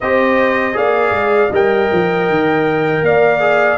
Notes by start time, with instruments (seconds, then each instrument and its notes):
0.00 tuba C4, trombone G4, horn C5, trumpet D#5
0.73 tuba A#3, trombone G#4, horn D5, trumpet F5
1.11 tuba G#3
1.51 tuba G3, trombone A#4, horn D#5, trumpet G5
1.92 tuba F3
2.29 tuba D#3
3.02 tuba A#3, horn D5, trumpet F5
3.40 trombone G#4